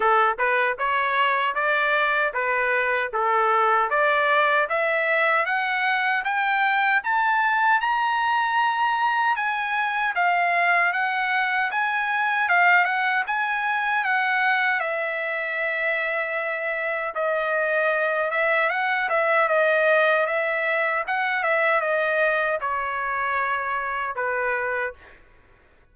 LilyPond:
\new Staff \with { instrumentName = "trumpet" } { \time 4/4 \tempo 4 = 77 a'8 b'8 cis''4 d''4 b'4 | a'4 d''4 e''4 fis''4 | g''4 a''4 ais''2 | gis''4 f''4 fis''4 gis''4 |
f''8 fis''8 gis''4 fis''4 e''4~ | e''2 dis''4. e''8 | fis''8 e''8 dis''4 e''4 fis''8 e''8 | dis''4 cis''2 b'4 | }